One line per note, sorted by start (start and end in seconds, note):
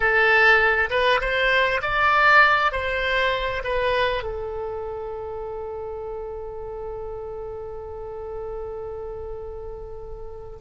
0.00 0.89 A4
0.90 1.20 B4
1.20 1.81 C5
1.82 2.72 D5
2.72 3.63 C5
3.64 4.23 B4
4.23 10.59 A4